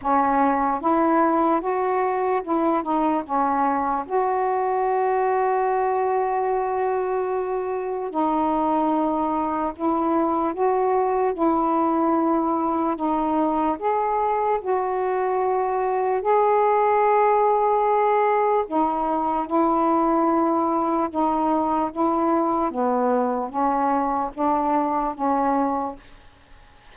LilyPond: \new Staff \with { instrumentName = "saxophone" } { \time 4/4 \tempo 4 = 74 cis'4 e'4 fis'4 e'8 dis'8 | cis'4 fis'2.~ | fis'2 dis'2 | e'4 fis'4 e'2 |
dis'4 gis'4 fis'2 | gis'2. dis'4 | e'2 dis'4 e'4 | b4 cis'4 d'4 cis'4 | }